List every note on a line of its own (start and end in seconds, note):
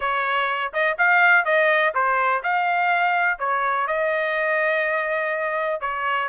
0.00 0.72 C#5
0.73 0.97 D#5
0.98 1.45 F5
1.45 1.93 D#5
1.94 2.43 C5
2.43 3.38 F5
3.38 3.87 C#5
3.87 5.80 D#5
5.80 6.28 C#5